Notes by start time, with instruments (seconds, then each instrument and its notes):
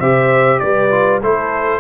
0.00 tuba C3, trombone G4, horn C5, trumpet E5
0.60 tuba G3, horn B4, trumpet D5
0.91 trombone F4
1.23 tuba A3, trombone E4, horn A4, trumpet C5